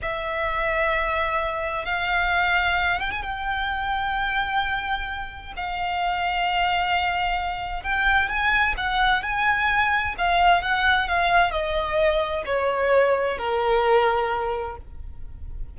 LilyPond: \new Staff \with { instrumentName = "violin" } { \time 4/4 \tempo 4 = 130 e''1 | f''2~ f''8 g''16 gis''16 g''4~ | g''1 | f''1~ |
f''4 g''4 gis''4 fis''4 | gis''2 f''4 fis''4 | f''4 dis''2 cis''4~ | cis''4 ais'2. | }